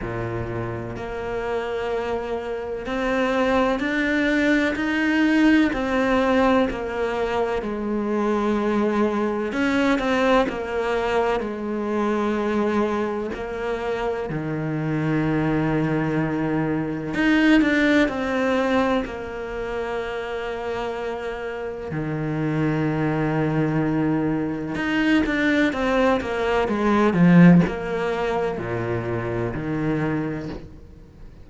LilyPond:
\new Staff \with { instrumentName = "cello" } { \time 4/4 \tempo 4 = 63 ais,4 ais2 c'4 | d'4 dis'4 c'4 ais4 | gis2 cis'8 c'8 ais4 | gis2 ais4 dis4~ |
dis2 dis'8 d'8 c'4 | ais2. dis4~ | dis2 dis'8 d'8 c'8 ais8 | gis8 f8 ais4 ais,4 dis4 | }